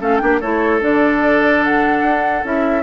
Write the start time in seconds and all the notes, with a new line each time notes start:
0.00 A3 C#4 A4 F5
0.17 A#3 D4 G5
0.23 G4
0.40 A3 E4 A4 C#5
0.80 D3 D4 D5
1.64 F#5
2.02 D4
2.44 C#4 E4 E5